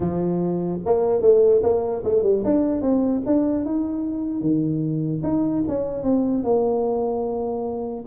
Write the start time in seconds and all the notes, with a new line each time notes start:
0.00 F3
0.85 A#3
1.21 A3
1.63 A#3
2.04 A3
2.23 G3
2.44 D4
2.81 C4
3.26 D4
3.65 D#4
4.41 D#3
5.23 D#4
5.67 C#4
6.03 C4
6.43 A#3